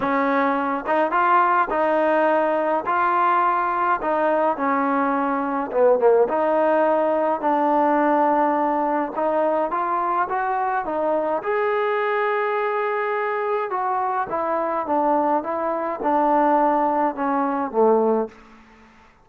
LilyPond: \new Staff \with { instrumentName = "trombone" } { \time 4/4 \tempo 4 = 105 cis'4. dis'8 f'4 dis'4~ | dis'4 f'2 dis'4 | cis'2 b8 ais8 dis'4~ | dis'4 d'2. |
dis'4 f'4 fis'4 dis'4 | gis'1 | fis'4 e'4 d'4 e'4 | d'2 cis'4 a4 | }